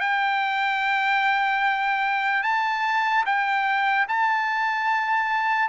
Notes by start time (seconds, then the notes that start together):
0.00 G5
2.43 A5
3.25 G5
4.08 A5